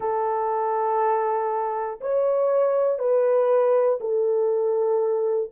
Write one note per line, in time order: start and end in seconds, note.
0.00 2.00 A4
2.00 2.99 C#5
2.99 3.99 B4
4.00 5.50 A4